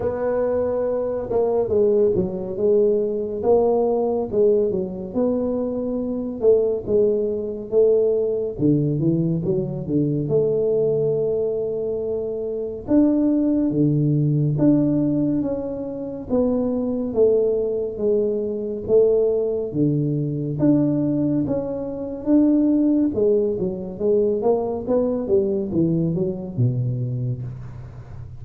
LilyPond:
\new Staff \with { instrumentName = "tuba" } { \time 4/4 \tempo 4 = 70 b4. ais8 gis8 fis8 gis4 | ais4 gis8 fis8 b4. a8 | gis4 a4 d8 e8 fis8 d8 | a2. d'4 |
d4 d'4 cis'4 b4 | a4 gis4 a4 d4 | d'4 cis'4 d'4 gis8 fis8 | gis8 ais8 b8 g8 e8 fis8 b,4 | }